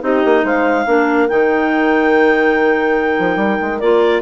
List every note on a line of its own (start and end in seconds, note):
0.00 0.23 C4
0.00 0.84 D#4
0.00 0.43 G4
0.00 0.45 D#5
0.24 0.43 A#3
0.43 0.85 G#3
0.43 0.85 C5
0.43 1.28 F5
0.86 1.28 A#3
0.86 1.28 D4
0.86 4.22 A#4
1.28 3.18 D#3
1.28 3.80 D#4
1.28 3.79 G5
3.18 3.36 F3
3.36 3.57 G3
3.61 3.81 G#3
3.79 4.22 A#3
3.79 4.22 F4
3.79 4.21 D5